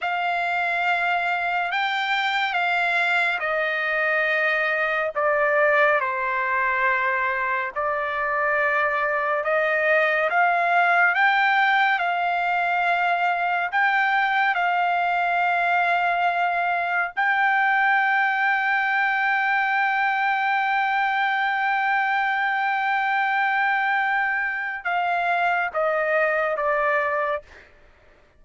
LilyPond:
\new Staff \with { instrumentName = "trumpet" } { \time 4/4 \tempo 4 = 70 f''2 g''4 f''4 | dis''2 d''4 c''4~ | c''4 d''2 dis''4 | f''4 g''4 f''2 |
g''4 f''2. | g''1~ | g''1~ | g''4 f''4 dis''4 d''4 | }